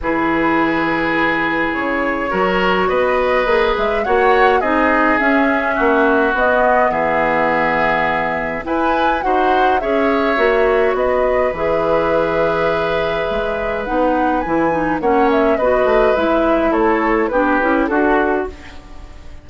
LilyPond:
<<
  \new Staff \with { instrumentName = "flute" } { \time 4/4 \tempo 4 = 104 b'2. cis''4~ | cis''4 dis''4. e''8 fis''4 | dis''4 e''2 dis''4 | e''2. gis''4 |
fis''4 e''2 dis''4 | e''1 | fis''4 gis''4 fis''8 e''8 dis''4 | e''4 cis''4 b'4 a'4 | }
  \new Staff \with { instrumentName = "oboe" } { \time 4/4 gis'1 | ais'4 b'2 cis''4 | gis'2 fis'2 | gis'2. b'4 |
c''4 cis''2 b'4~ | b'1~ | b'2 cis''4 b'4~ | b'4 a'4 g'4 fis'4 | }
  \new Staff \with { instrumentName = "clarinet" } { \time 4/4 e'1 | fis'2 gis'4 fis'4 | dis'4 cis'2 b4~ | b2. e'4 |
fis'4 gis'4 fis'2 | gis'1 | dis'4 e'8 dis'8 cis'4 fis'4 | e'2 d'8 e'8 fis'4 | }
  \new Staff \with { instrumentName = "bassoon" } { \time 4/4 e2. cis4 | fis4 b4 ais8 gis8 ais4 | c'4 cis'4 ais4 b4 | e2. e'4 |
dis'4 cis'4 ais4 b4 | e2. gis4 | b4 e4 ais4 b8 a8 | gis4 a4 b8 cis'8 d'4 | }
>>